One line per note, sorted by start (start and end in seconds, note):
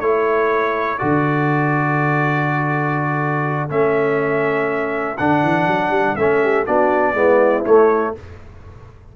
0.00 0.98 A3
0.00 0.98 E4
0.00 6.40 A4
0.00 0.98 C#5
0.98 3.70 D3
0.98 3.69 F#4
0.98 3.68 D5
3.69 5.17 A3
3.69 5.17 C#4
3.69 5.17 E5
5.17 5.43 D3
5.17 6.17 D4
5.17 6.16 F#5
5.43 5.67 E3
5.67 5.90 F#3
5.90 6.14 G3
6.16 6.66 A3
6.16 6.66 C#4
6.16 6.65 E5
6.42 6.66 G4
6.66 7.13 B3
6.66 7.15 D4
6.66 7.14 F#4
6.66 7.64 D5
7.13 7.63 G#3
7.13 7.64 B3
7.13 8.13 E4
7.65 8.14 A3
7.65 8.16 A3
7.65 8.14 C#5